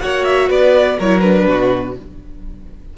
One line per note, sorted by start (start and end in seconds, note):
0.00 0.49 A#3
0.00 0.98 F#4
0.00 0.48 C#5
0.00 0.24 F#5
0.24 0.48 E5
0.48 0.98 B3
0.48 0.97 B4
0.48 0.99 D5
0.98 1.47 F#3
0.98 1.22 E4
0.98 1.47 A#4
0.98 1.20 C#5
1.20 1.95 D4
1.20 1.93 B4
1.47 1.96 B2
1.47 1.97 F#4